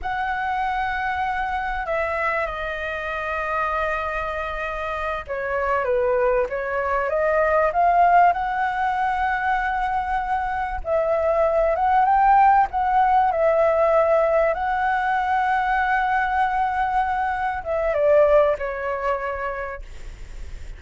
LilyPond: \new Staff \with { instrumentName = "flute" } { \time 4/4 \tempo 4 = 97 fis''2. e''4 | dis''1~ | dis''8 cis''4 b'4 cis''4 dis''8~ | dis''8 f''4 fis''2~ fis''8~ |
fis''4. e''4. fis''8 g''8~ | g''8 fis''4 e''2 fis''8~ | fis''1~ | fis''8 e''8 d''4 cis''2 | }